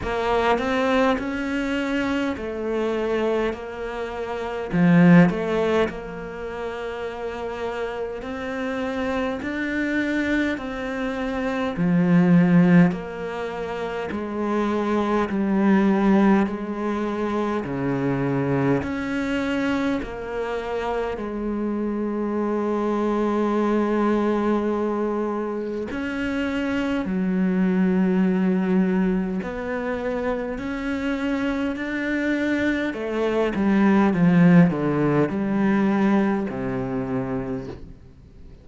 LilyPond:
\new Staff \with { instrumentName = "cello" } { \time 4/4 \tempo 4 = 51 ais8 c'8 cis'4 a4 ais4 | f8 a8 ais2 c'4 | d'4 c'4 f4 ais4 | gis4 g4 gis4 cis4 |
cis'4 ais4 gis2~ | gis2 cis'4 fis4~ | fis4 b4 cis'4 d'4 | a8 g8 f8 d8 g4 c4 | }